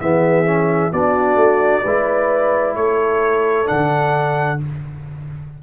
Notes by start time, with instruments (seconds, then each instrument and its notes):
0.00 tuba E3, trombone B3, horn G#4, trumpet E5
0.45 trombone C#4
0.92 tuba B3, trombone D4, horn F#4, trumpet D5
1.35 tuba A3
1.82 tuba G#3, trombone E4, horn B4
2.75 tuba A3, horn A4, trumpet C#5
3.65 tuba D3, trombone D4, trumpet F#5